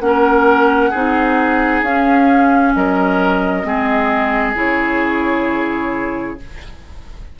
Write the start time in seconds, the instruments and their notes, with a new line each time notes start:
0.00 bassoon A#3, clarinet C#4, flute F#5
0.07 oboe A#4
0.91 bassoon C4, clarinet D#4, oboe G#4
1.82 bassoon C#4, clarinet C#4, flute F5
2.75 bassoon F#3, oboe A#4, flute D#5
3.64 bassoon G#3, clarinet C4, oboe G#4
4.55 bassoon C#3, clarinet E4, flute C#5